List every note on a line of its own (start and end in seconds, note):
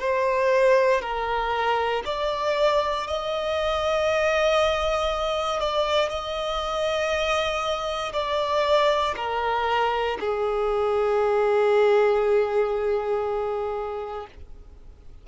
0.00 1.02 C5
1.02 2.03 A#4
2.05 3.07 D5
3.07 5.60 D#5
5.60 6.09 D5
6.09 8.13 D#5
8.13 9.15 D5
9.16 10.18 A#4
10.20 14.27 G#4